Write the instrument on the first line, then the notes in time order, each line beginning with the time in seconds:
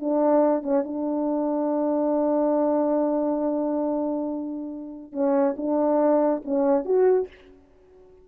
horn
0.00 D4
0.63 C#4
0.84 D4
5.12 C#4
5.56 D4
6.44 C#4
6.85 F#4